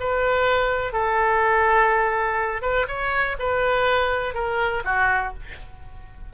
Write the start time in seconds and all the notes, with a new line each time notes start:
0.00 B4
0.93 A4
2.62 B4
2.88 C#5
3.39 B4
4.34 A#4
4.85 F#4